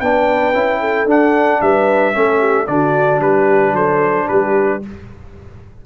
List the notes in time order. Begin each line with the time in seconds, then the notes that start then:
0.00 B3 D4 B4 G5
0.53 C#4 E4
0.80 A4
1.04 D4 F#5
1.61 G3 B4 E5
2.13 A3 C#4 A4
2.39 G4
2.66 D3 D4 F#4 D5
3.20 G3 G4 B4
3.72 F#3 A4 C5
4.27 G3 G4 B4